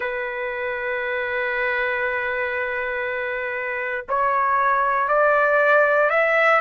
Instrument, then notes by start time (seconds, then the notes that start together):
trumpet
0.00 B4
4.09 C#5
5.08 D5
6.10 E5